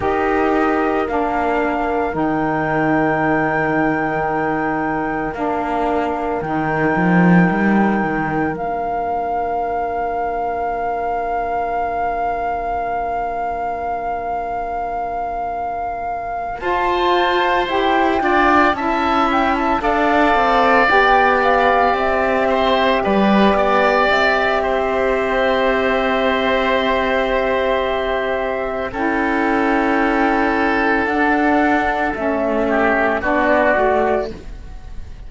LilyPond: <<
  \new Staff \with { instrumentName = "flute" } { \time 4/4 \tempo 4 = 56 dis''4 f''4 g''2~ | g''4 f''4 g''2 | f''1~ | f''2.~ f''8 a''8~ |
a''8 g''4 a''8 g''16 a''16 f''4 g''8 | f''8 e''4 d''4 e''4.~ | e''2. g''4~ | g''4 fis''4 e''4 d''4 | }
  \new Staff \with { instrumentName = "oboe" } { \time 4/4 ais'1~ | ais'1~ | ais'1~ | ais'2.~ ais'8 c''8~ |
c''4 d''8 e''4 d''4.~ | d''4 c''8 b'8 d''4 c''4~ | c''2. a'4~ | a'2~ a'8 g'8 fis'4 | }
  \new Staff \with { instrumentName = "saxophone" } { \time 4/4 g'4 d'4 dis'2~ | dis'4 d'4 dis'2 | d'1~ | d'2.~ d'8 f'8~ |
f'8 g'8 f'8 e'4 a'4 g'8~ | g'1~ | g'2. e'4~ | e'4 d'4 cis'4 d'8 fis'8 | }
  \new Staff \with { instrumentName = "cello" } { \time 4/4 dis'4 ais4 dis2~ | dis4 ais4 dis8 f8 g8 dis8 | ais1~ | ais2.~ ais8 f'8~ |
f'8 e'8 d'8 cis'4 d'8 c'8 b8~ | b8 c'4 g8 b8 c'4.~ | c'2. cis'4~ | cis'4 d'4 a4 b8 a8 | }
>>